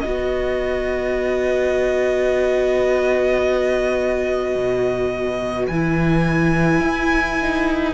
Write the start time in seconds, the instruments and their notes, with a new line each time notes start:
0.00 cello B3, viola F#4, violin B4 D#5
4.56 cello B2
5.68 cello E3, viola E4, violin G#5
6.81 cello E4
7.42 viola D#4